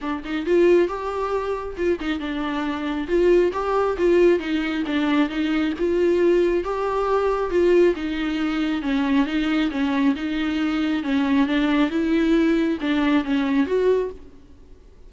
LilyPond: \new Staff \with { instrumentName = "viola" } { \time 4/4 \tempo 4 = 136 d'8 dis'8 f'4 g'2 | f'8 dis'8 d'2 f'4 | g'4 f'4 dis'4 d'4 | dis'4 f'2 g'4~ |
g'4 f'4 dis'2 | cis'4 dis'4 cis'4 dis'4~ | dis'4 cis'4 d'4 e'4~ | e'4 d'4 cis'4 fis'4 | }